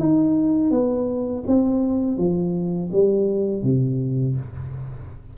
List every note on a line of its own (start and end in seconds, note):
0.00 0.71 D#4
0.71 1.44 B3
1.47 2.18 C4
2.18 2.91 F3
2.93 3.63 G3
3.63 4.36 C3